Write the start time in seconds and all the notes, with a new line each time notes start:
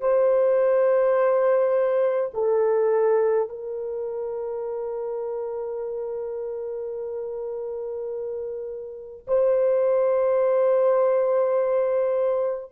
0.00 C5
2.33 A4
3.49 A#4
9.27 C5